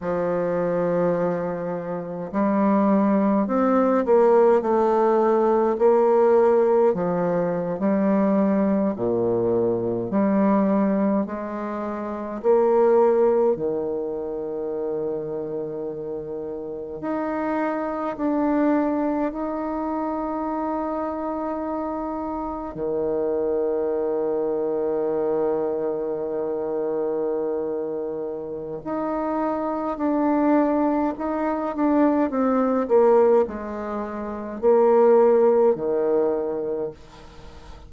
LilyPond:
\new Staff \with { instrumentName = "bassoon" } { \time 4/4 \tempo 4 = 52 f2 g4 c'8 ais8 | a4 ais4 f8. g4 ais,16~ | ais,8. g4 gis4 ais4 dis16~ | dis2~ dis8. dis'4 d'16~ |
d'8. dis'2. dis16~ | dis1~ | dis4 dis'4 d'4 dis'8 d'8 | c'8 ais8 gis4 ais4 dis4 | }